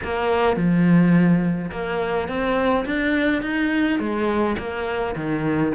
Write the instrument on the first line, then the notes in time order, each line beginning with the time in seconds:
cello
0.03 A#3
0.56 F3
1.71 A#3
2.28 C4
2.85 D4
3.42 D#4
3.99 G#3
4.57 A#3
5.15 D#3